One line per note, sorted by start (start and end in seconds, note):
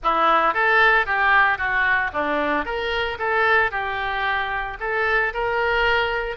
0.03 0.54 E4
0.54 1.05 A4
1.05 1.57 G4
1.57 2.10 F#4
2.13 2.65 D4
2.65 3.18 A#4
3.19 3.71 A4
3.71 4.77 G4
4.80 5.33 A4
5.33 6.36 A#4